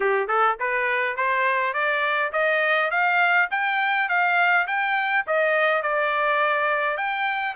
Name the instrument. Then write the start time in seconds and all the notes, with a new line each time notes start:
trumpet
0.00 G4
0.27 A4
0.59 B4
1.16 C5
1.73 D5
2.32 D#5
2.90 F5
3.50 G5
4.08 F5
4.67 G5
5.26 D#5
5.82 D5
6.97 G5